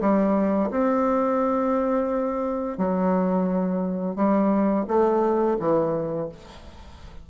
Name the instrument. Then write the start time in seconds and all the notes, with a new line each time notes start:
bassoon
0.00 G3
0.70 C4
2.77 F#3
4.15 G3
4.87 A3
5.59 E3